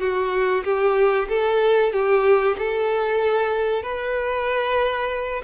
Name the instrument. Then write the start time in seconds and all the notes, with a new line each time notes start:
violin
0.00 F#4
0.64 G4
1.29 A4
1.93 G4
2.59 A4
3.83 B4